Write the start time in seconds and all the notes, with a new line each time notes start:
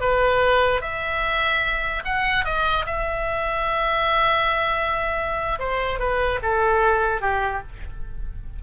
0.00 B4
0.81 E5
2.04 F#5
2.45 D#5
2.86 E5
5.59 C5
5.99 B4
6.42 A4
7.21 G4